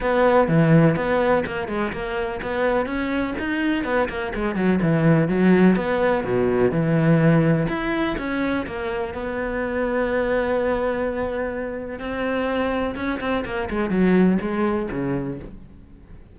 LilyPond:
\new Staff \with { instrumentName = "cello" } { \time 4/4 \tempo 4 = 125 b4 e4 b4 ais8 gis8 | ais4 b4 cis'4 dis'4 | b8 ais8 gis8 fis8 e4 fis4 | b4 b,4 e2 |
e'4 cis'4 ais4 b4~ | b1~ | b4 c'2 cis'8 c'8 | ais8 gis8 fis4 gis4 cis4 | }